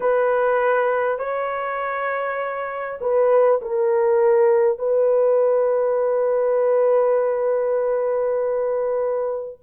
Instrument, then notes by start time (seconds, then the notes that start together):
horn
0.00 B4
1.18 C#5
3.01 B4
3.61 A#4
4.78 B4